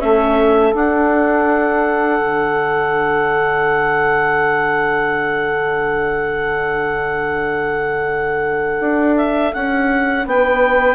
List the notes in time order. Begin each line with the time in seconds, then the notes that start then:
0.00 A3 C#4 A4 E5
0.73 D4 F#5
2.20 D3
8.80 D4
9.17 E5
9.54 C#4 F#5
10.26 B3 B4 G5